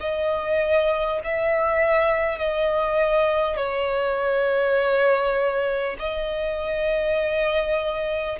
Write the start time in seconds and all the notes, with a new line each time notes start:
0.00 D#5
1.24 E5
2.38 D#5
3.57 C#5
5.99 D#5